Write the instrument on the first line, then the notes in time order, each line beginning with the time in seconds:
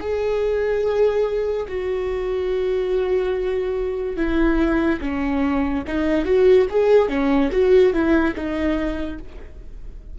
viola
0.00 G#4
1.68 F#4
4.17 E4
5.01 C#4
5.87 D#4
6.25 F#4
6.70 G#4
7.09 C#4
7.52 F#4
7.93 E4
8.35 D#4